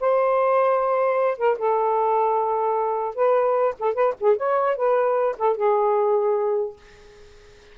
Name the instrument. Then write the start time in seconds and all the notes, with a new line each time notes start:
saxophone
0.00 C5
1.38 A#4
1.58 A4
3.15 B4
3.79 A4
3.94 B4
4.20 G#4
4.36 C#5
4.76 B4
5.38 A4
5.56 G#4